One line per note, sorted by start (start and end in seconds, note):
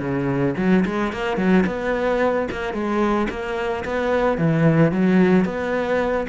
0.00 0.55 C#3
0.58 0.85 F#3
0.86 1.13 G#3
1.13 1.37 A#3
1.37 1.64 F#3
1.66 2.48 B3
2.51 2.73 A#3
2.73 3.28 G#3
3.30 3.84 A#3
3.85 4.38 B3
4.38 4.92 E3
4.92 5.45 F#3
5.45 6.27 B3